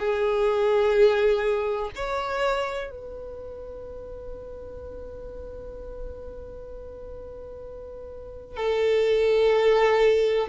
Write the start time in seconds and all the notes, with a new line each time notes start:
0.00 G#4
1.96 C#5
2.91 B4
8.57 A4